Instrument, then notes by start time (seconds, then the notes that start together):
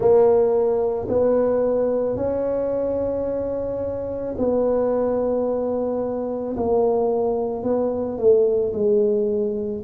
tuba
0.00 A#3
1.08 B3
2.16 C#4
4.37 B3
6.57 A#3
7.63 B3
8.18 A3
8.73 G#3